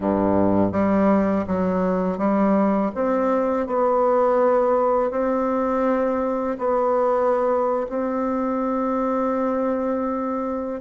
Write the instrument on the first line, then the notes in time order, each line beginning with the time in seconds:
bassoon
0.00 G2
0.72 G3
1.47 F#3
2.18 G3
2.95 C4
3.66 B3
5.11 C4
6.58 B3
7.89 C4